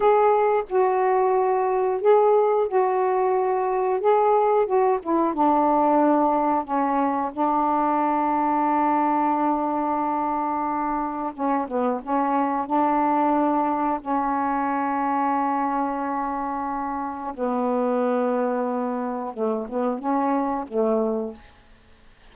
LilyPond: \new Staff \with { instrumentName = "saxophone" } { \time 4/4 \tempo 4 = 90 gis'4 fis'2 gis'4 | fis'2 gis'4 fis'8 e'8 | d'2 cis'4 d'4~ | d'1~ |
d'4 cis'8 b8 cis'4 d'4~ | d'4 cis'2.~ | cis'2 b2~ | b4 a8 b8 cis'4 a4 | }